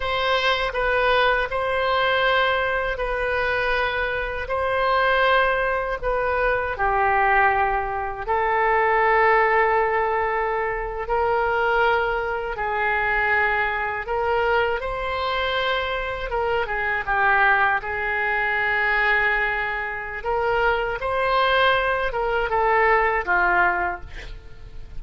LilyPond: \new Staff \with { instrumentName = "oboe" } { \time 4/4 \tempo 4 = 80 c''4 b'4 c''2 | b'2 c''2 | b'4 g'2 a'4~ | a'2~ a'8. ais'4~ ais'16~ |
ais'8. gis'2 ais'4 c''16~ | c''4.~ c''16 ais'8 gis'8 g'4 gis'16~ | gis'2. ais'4 | c''4. ais'8 a'4 f'4 | }